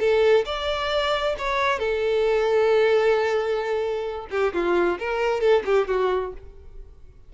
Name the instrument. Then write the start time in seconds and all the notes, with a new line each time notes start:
violin
0.00 A4
0.46 D5
1.39 C#5
1.79 A4
4.31 G4
4.54 F4
4.99 A#4
5.41 A4
5.66 G4
5.88 F#4